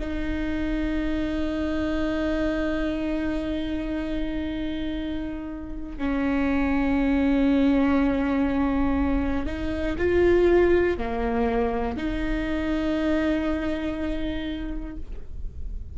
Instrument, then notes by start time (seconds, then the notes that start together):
viola
0.00 D#4
5.98 C#4
9.46 D#4
9.98 F4
10.98 A#3
11.97 D#4